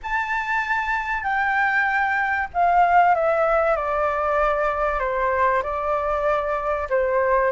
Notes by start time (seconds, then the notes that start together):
0.02 A5
1.23 G5
2.53 F5
3.14 E5
3.76 D5
4.99 C5
5.62 D5
6.89 C5